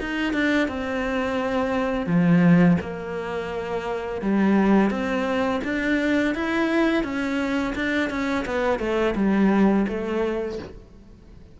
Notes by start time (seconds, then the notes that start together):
0.00 D#4
0.33 D4
0.68 C4
2.07 F3
2.81 A#3
4.22 G3
4.90 C4
5.64 D4
6.35 E4
7.04 C#4
7.75 D4
8.10 C#4
8.46 B3
8.79 A3
9.15 G3
9.88 A3